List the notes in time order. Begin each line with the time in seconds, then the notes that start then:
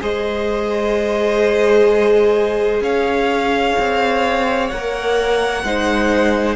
0.00 G#3 G#4 C5 D#5
2.81 C#4 C#5 F5
3.79 C4
4.69 A#3 A#4 F#5
5.64 G#3 D#4 C5